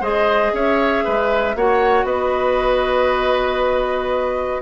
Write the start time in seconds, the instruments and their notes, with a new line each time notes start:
0.00 bassoon G#3, clarinet G#4, oboe C5, flute D#5
0.53 bassoon C#4, oboe C#5, flute E5
1.04 bassoon G#3, oboe B4
1.55 bassoon A#3, clarinet F#4, oboe C#5, flute F#5
2.04 bassoon B3, oboe B4, flute D#5